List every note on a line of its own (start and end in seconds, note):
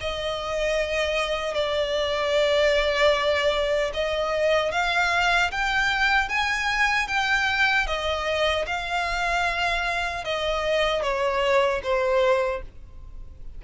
0.00 1.54 D#5
1.54 3.91 D5
3.93 4.71 D#5
4.71 5.50 F5
5.51 6.28 G5
6.28 7.07 G#5
7.07 7.86 G5
7.86 8.65 D#5
8.66 10.24 F5
10.24 11.02 D#5
11.02 11.81 C#5
11.83 12.62 C5